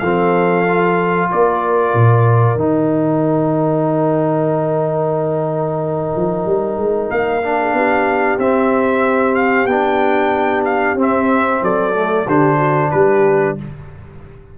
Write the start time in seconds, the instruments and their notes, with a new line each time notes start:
0.00 tuba F3, trombone C4, horn A4, trumpet F5
0.68 trombone F4
1.32 tuba A#3, horn A#4, trumpet D5
1.94 tuba A#2
2.56 tuba D#3, trombone D#4, trumpet G5
6.17 tuba F3
6.46 tuba G3
6.78 tuba G#3
7.11 tuba A#3, trumpet F5
7.43 trombone D4
7.60 horn G#4
7.73 tuba B3, horn G4
8.39 tuba C4, trombone C4, trumpet E5
9.36 trumpet F5
9.66 tuba B3, trombone D4, trumpet G5
10.65 trumpet F5
10.95 tuba C4, trombone C4
11.02 trumpet E5
11.63 tuba F#3, horn A4, trumpet D5
11.95 trombone A3
12.27 tuba D3, trombone D4, horn G4, trumpet C5
12.57 horn F#4
12.92 tuba G3, horn G4, trumpet B4